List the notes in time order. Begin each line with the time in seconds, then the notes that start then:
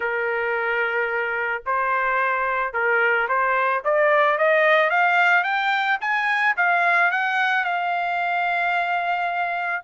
0.00 A#4
1.66 C5
2.73 A#4
3.28 C5
3.84 D5
4.38 D#5
4.90 F5
5.43 G5
6.00 G#5
6.57 F5
7.11 F#5
7.64 F5